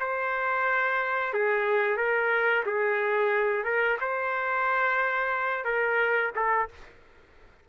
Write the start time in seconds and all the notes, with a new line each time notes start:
0.00 C5
1.33 G#4
1.97 A#4
2.65 G#4
3.64 A#4
4.01 C5
5.65 A#4
6.35 A4